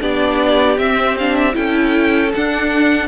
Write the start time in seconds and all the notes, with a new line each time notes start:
0.00 B3 D4 G4 D5
0.78 C4 E5
1.18 D4 F5
1.35 E5
1.53 C#4 E4 A4 G5
2.34 D4 F#5